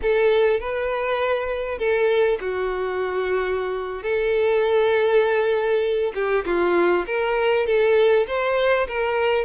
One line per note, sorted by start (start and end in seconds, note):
0.01 0.60 A4
0.60 1.78 B4
1.78 2.38 A4
2.40 4.03 F#4
4.03 6.13 A4
6.14 6.44 G4
6.45 7.05 F4
7.06 7.66 A#4
7.66 8.26 A4
8.27 8.87 C5
8.87 9.44 A#4